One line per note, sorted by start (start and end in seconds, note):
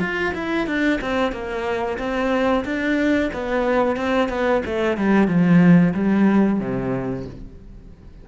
0.00 0.33 F4
0.34 0.67 E4
0.67 1.00 D4
1.01 1.32 C4
1.32 1.98 A#3
1.98 2.64 C4
2.65 3.31 D4
3.33 3.96 B3
3.96 4.29 C4
4.29 4.62 B3
4.65 4.97 A3
4.97 5.27 G3
5.27 5.93 F3
5.94 6.59 G3
6.59 7.25 C3